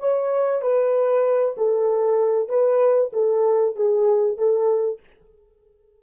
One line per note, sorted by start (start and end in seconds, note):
0.00 0.62 C#5
0.62 1.55 B4
1.57 2.49 A4
2.49 3.12 B4
3.13 3.76 A4
3.76 4.38 G#4
4.38 5.00 A4